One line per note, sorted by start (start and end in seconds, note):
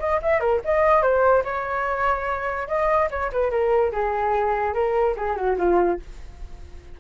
0.00 0.21 D#5
0.23 0.41 E5
0.41 0.61 A#4
0.65 1.03 D#5
1.03 1.44 C5
1.45 2.68 C#5
2.68 3.10 D#5
3.11 3.32 C#5
3.33 3.51 B4
3.51 3.92 A#4
3.93 4.74 G#4
4.74 5.16 A#4
5.17 5.37 G#4
5.37 5.57 F#4
5.59 6.00 F4